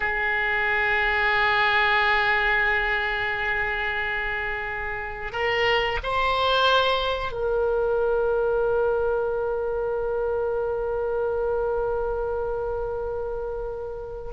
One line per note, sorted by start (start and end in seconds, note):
0.00 5.32 G#4
5.32 5.98 A#4
6.03 7.32 C5
7.32 14.32 A#4